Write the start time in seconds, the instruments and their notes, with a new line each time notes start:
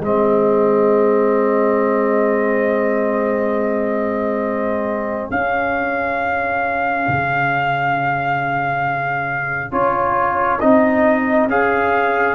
0.00 tuba G#3, trombone C4, horn G#4, trumpet D#5
5.30 tuba C#4, trombone C#4, trumpet F5
7.08 tuba C#3
9.71 tuba C#4, trombone F4, trumpet C#5
10.60 tuba C4, trombone D#4, trumpet D#5
11.46 tuba C#4, trombone G#4, trumpet F5